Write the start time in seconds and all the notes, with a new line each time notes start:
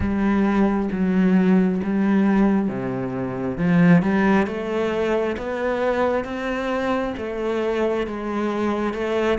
0.00 G3
0.91 F#3
1.83 G3
2.68 C3
3.57 F3
4.02 G3
4.46 A3
5.37 B3
6.24 C4
7.17 A3
8.06 G#3
8.93 A3